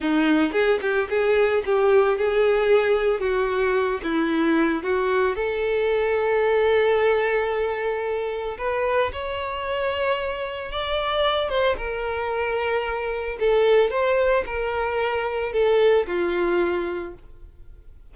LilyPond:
\new Staff \with { instrumentName = "violin" } { \time 4/4 \tempo 4 = 112 dis'4 gis'8 g'8 gis'4 g'4 | gis'2 fis'4. e'8~ | e'4 fis'4 a'2~ | a'1 |
b'4 cis''2. | d''4. c''8 ais'2~ | ais'4 a'4 c''4 ais'4~ | ais'4 a'4 f'2 | }